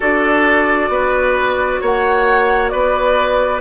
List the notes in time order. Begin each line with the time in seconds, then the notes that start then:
0.00 D4 F#4 A4 D5
0.89 B3 B4
1.80 A#3 C#5 F#5
2.69 B3 B4 D5